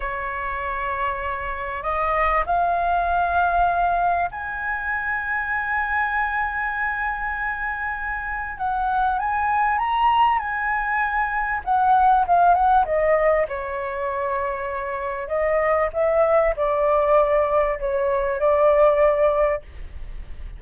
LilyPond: \new Staff \with { instrumentName = "flute" } { \time 4/4 \tempo 4 = 98 cis''2. dis''4 | f''2. gis''4~ | gis''1~ | gis''2 fis''4 gis''4 |
ais''4 gis''2 fis''4 | f''8 fis''8 dis''4 cis''2~ | cis''4 dis''4 e''4 d''4~ | d''4 cis''4 d''2 | }